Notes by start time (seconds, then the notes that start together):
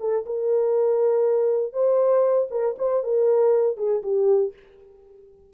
0.00 A4
0.26 A#4
1.73 C5
2.50 A#4
2.78 C5
3.03 A#4
3.77 G#4
4.02 G4